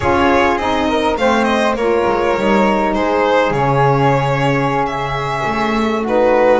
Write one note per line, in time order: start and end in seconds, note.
0.00 0.57 C#4
0.00 0.59 F4
0.00 0.88 G#4
0.00 0.57 C#5
0.57 1.16 C4
0.57 1.18 D#4
0.57 1.16 D#5
0.89 1.18 A#4
1.16 1.74 A3
1.16 1.77 C4
1.16 1.78 C5
1.16 1.44 F5
1.44 1.73 D#5
1.74 2.03 A#3
1.74 2.37 F4
1.74 2.95 A#4
1.74 2.93 C#5
2.05 2.35 G#3
2.36 2.94 G3
2.36 3.54 D#4
2.93 3.50 G#3
2.93 6.02 G#4
2.93 3.52 C5
3.50 5.41 C#3
3.50 6.04 C#4
3.50 4.85 C#5
4.86 6.03 E5
5.45 6.60 A3
6.02 6.60 D#4
6.02 6.60 F#4
6.02 6.60 B4